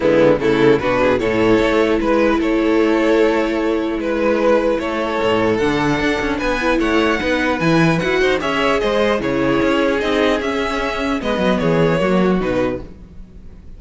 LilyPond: <<
  \new Staff \with { instrumentName = "violin" } { \time 4/4 \tempo 4 = 150 e'4 a'4 b'4 cis''4~ | cis''4 b'4 cis''2~ | cis''2 b'2 | cis''2 fis''2 |
gis''4 fis''2 gis''4 | fis''4 e''4 dis''4 cis''4~ | cis''4 dis''4 e''2 | dis''4 cis''2 b'4 | }
  \new Staff \with { instrumentName = "violin" } { \time 4/4 b4 e'4 fis'8 gis'8 a'4~ | a'4 b'4 a'2~ | a'2 b'2 | a'1 |
b'4 cis''4 b'2~ | b'8 c''8 cis''4 c''4 gis'4~ | gis'1 | b'4 gis'4 fis'2 | }
  \new Staff \with { instrumentName = "viola" } { \time 4/4 gis4 a4 d'4 e'4~ | e'1~ | e'1~ | e'2 d'2~ |
d'8 e'4. dis'4 e'4 | fis'4 gis'2 e'4~ | e'4 dis'4 cis'2 | b2 ais4 dis'4 | }
  \new Staff \with { instrumentName = "cello" } { \time 4/4 d4 cis4 b,4 a,4 | a4 gis4 a2~ | a2 gis2 | a4 a,4 d4 d'8 cis'8 |
b4 a4 b4 e4 | e'8 dis'8 cis'4 gis4 cis4 | cis'4 c'4 cis'2 | gis8 fis8 e4 fis4 b,4 | }
>>